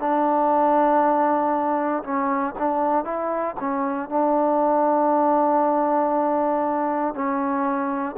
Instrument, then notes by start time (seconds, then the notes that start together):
trombone
0.00 D4
2.04 C#4
2.59 D4
3.05 E4
3.60 C#4
4.10 D4
7.15 C#4